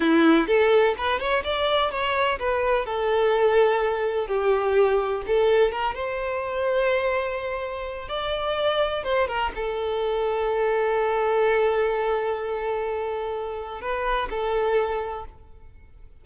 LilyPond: \new Staff \with { instrumentName = "violin" } { \time 4/4 \tempo 4 = 126 e'4 a'4 b'8 cis''8 d''4 | cis''4 b'4 a'2~ | a'4 g'2 a'4 | ais'8 c''2.~ c''8~ |
c''4 d''2 c''8 ais'8 | a'1~ | a'1~ | a'4 b'4 a'2 | }